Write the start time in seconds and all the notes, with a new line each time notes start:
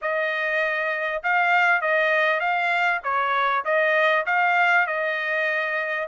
0.01 D#5
1.23 F5
1.81 D#5
2.40 F5
3.03 C#5
3.64 D#5
4.26 F5
4.87 D#5